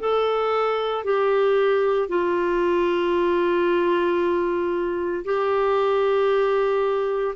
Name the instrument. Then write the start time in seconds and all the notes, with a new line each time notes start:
clarinet
0.00 A4
1.04 G4
2.09 F4
5.24 G4